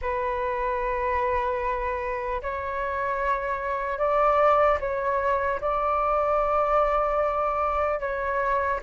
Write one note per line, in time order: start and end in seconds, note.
0.01 2.41 B4
2.41 3.98 C#5
3.98 4.78 D5
4.80 5.60 C#5
5.60 8.00 D5
8.00 8.80 C#5